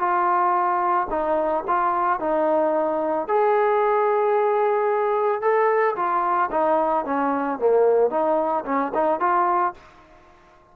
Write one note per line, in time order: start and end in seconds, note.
0.00 1.08 F4
1.11 1.65 D#4
1.68 2.20 F4
2.20 3.28 D#4
3.28 5.42 G#4
5.42 5.96 A4
5.96 6.50 F4
6.52 7.05 D#4
7.05 7.59 C#4
7.60 8.11 A#3
8.11 8.65 D#4
8.66 8.93 C#4
8.95 9.20 D#4
9.20 9.74 F4